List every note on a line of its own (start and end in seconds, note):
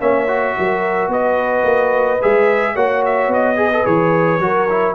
0.00 0.55 A#3
0.00 0.27 C#4
0.00 0.55 C#5
0.00 1.11 E5
0.27 2.20 F#4
0.58 1.08 F#3
0.58 1.11 A#4
1.08 1.63 B3
1.08 2.74 B4
1.08 2.22 D#5
1.64 2.19 A#3
2.22 2.75 G#3
2.22 2.76 G#4
2.22 2.76 E5
2.74 3.28 A#3
2.74 3.56 F#4
2.74 3.57 C#5
2.74 3.03 F#5
3.05 3.33 E5
3.28 3.83 B3
3.28 3.86 D#5
3.56 3.70 G#4
3.56 4.43 B4
3.73 3.84 A4
3.84 4.39 E3
3.84 4.39 G#4
3.84 4.95 C#5
4.39 4.94 F#3
4.39 4.69 F#4
4.39 4.95 A#4
4.69 4.95 E4